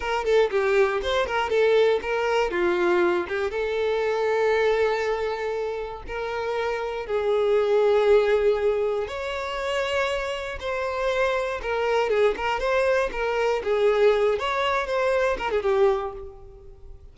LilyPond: \new Staff \with { instrumentName = "violin" } { \time 4/4 \tempo 4 = 119 ais'8 a'8 g'4 c''8 ais'8 a'4 | ais'4 f'4. g'8 a'4~ | a'1 | ais'2 gis'2~ |
gis'2 cis''2~ | cis''4 c''2 ais'4 | gis'8 ais'8 c''4 ais'4 gis'4~ | gis'8 cis''4 c''4 ais'16 gis'16 g'4 | }